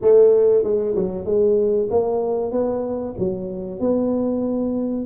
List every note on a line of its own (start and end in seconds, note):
0.01 0.63 A3
0.63 0.95 G#3
0.95 1.25 F#3
1.25 1.88 G#3
1.90 2.51 A#3
2.51 3.14 B3
3.19 3.80 F#3
3.80 5.06 B3